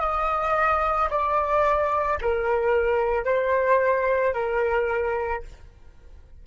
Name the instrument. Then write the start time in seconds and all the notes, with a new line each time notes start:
flute
0.00 D#5
1.10 D5
2.21 A#4
3.25 C5
4.34 A#4